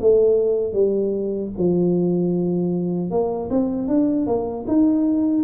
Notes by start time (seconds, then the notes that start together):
0.00 A3
0.72 G3
1.57 F3
3.10 A#3
3.50 C4
3.87 D4
4.26 A#3
4.67 D#4